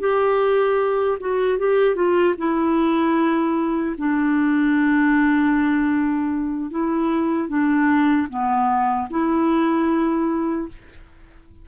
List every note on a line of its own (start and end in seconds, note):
0.00 1.18 G4
1.20 1.59 F#4
1.59 1.95 G4
1.95 2.35 F4
2.38 3.96 E4
3.98 6.71 D4
6.71 7.49 E4
7.49 8.28 D4
8.29 9.08 B3
9.10 10.68 E4